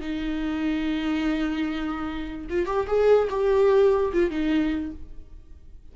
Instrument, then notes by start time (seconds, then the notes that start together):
viola
0.00 D#4
2.49 F4
2.66 G4
2.87 G#4
3.30 G4
4.13 F4
4.30 D#4